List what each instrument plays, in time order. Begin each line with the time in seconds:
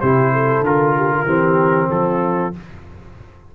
0.00 tuba C3, trombone E4, horn G4, trumpet C5
0.32 horn A4
0.61 tuba D3, trombone F4, trumpet A#4
0.96 horn G4
1.13 horn F4
1.25 tuba E3, trombone C4, horn G4
1.90 tuba F3, horn F4, trumpet A4